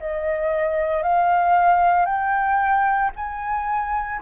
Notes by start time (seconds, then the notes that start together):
0.00 D#5
1.03 F5
2.06 G5
3.16 G#5